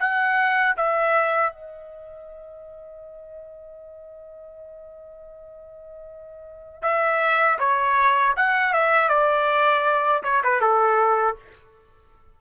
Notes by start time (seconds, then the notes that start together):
0.00 F#5
0.77 E5
1.53 D#5
6.83 E5
7.59 C#5
8.37 F#5
8.74 E5
9.09 D5
10.24 C#5
10.44 B4
10.61 A4